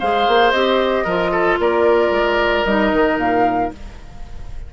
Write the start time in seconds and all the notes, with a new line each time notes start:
0.00 G#3 G#4 C5 F5
0.27 A#3
0.51 C4 G4 D#5
1.05 F3 F4 A#4
1.32 A4
1.59 A#3 A#4 D5
2.10 G#3
2.65 G3 D#4 D#5
2.93 D#3
3.17 A#2 F5